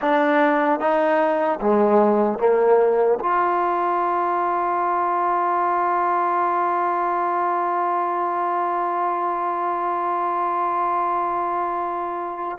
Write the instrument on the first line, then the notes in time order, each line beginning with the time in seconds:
trombone
0.01 D4
0.79 D#4
1.60 G#3
2.38 A#3
3.19 F4